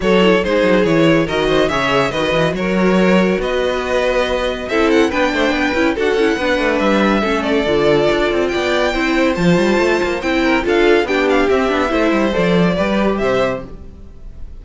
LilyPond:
<<
  \new Staff \with { instrumentName = "violin" } { \time 4/4 \tempo 4 = 141 cis''4 c''4 cis''4 dis''4 | e''4 dis''4 cis''2 | dis''2. e''8 fis''8 | g''2 fis''2 |
e''4. d''2~ d''8 | g''2 a''2 | g''4 f''4 g''8 f''8 e''4~ | e''4 d''2 e''4 | }
  \new Staff \with { instrumentName = "violin" } { \time 4/4 a'4 gis'2 ais'8 c''8 | cis''4 b'4 ais'2 | b'2. a'4 | b'8 c''8 b'4 a'4 b'4~ |
b'4 a'2. | d''4 c''2.~ | c''8 ais'8 a'4 g'2 | c''2 b'4 c''4 | }
  \new Staff \with { instrumentName = "viola" } { \time 4/4 fis'8 e'8 dis'4 e'4 fis'4 | gis'4 fis'2.~ | fis'2. e'4 | d'4. e'8 fis'8 e'8 d'4~ |
d'4 cis'4 f'2~ | f'4 e'4 f'2 | e'4 f'4 d'4 c'8 d'8 | e'4 a'4 g'2 | }
  \new Staff \with { instrumentName = "cello" } { \time 4/4 fis4 gis8 fis8 e4 dis4 | cis4 dis8 e8 fis2 | b2. c'4 | b8 a8 b8 cis'8 d'8 cis'8 b8 a8 |
g4 a4 d4 d'8 c'8 | b4 c'4 f8 g8 a8 ais8 | c'4 d'4 b4 c'8 b8 | a8 g8 f4 g4 c4 | }
>>